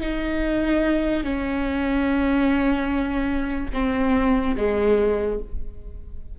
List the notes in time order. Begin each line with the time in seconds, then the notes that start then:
0.00 D#4
1.23 C#4
3.73 C4
4.57 G#3